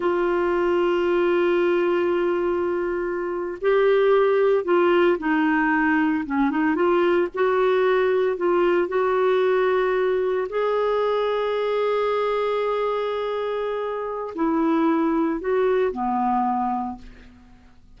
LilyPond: \new Staff \with { instrumentName = "clarinet" } { \time 4/4 \tempo 4 = 113 f'1~ | f'2~ f'8. g'4~ g'16~ | g'8. f'4 dis'2 cis'16~ | cis'16 dis'8 f'4 fis'2 f'16~ |
f'8. fis'2. gis'16~ | gis'1~ | gis'2. e'4~ | e'4 fis'4 b2 | }